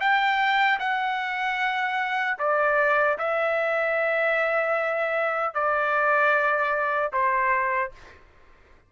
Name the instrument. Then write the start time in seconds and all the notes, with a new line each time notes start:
trumpet
0.00 G5
0.79 F#5
2.39 D5
3.18 E5
5.54 D5
7.13 C5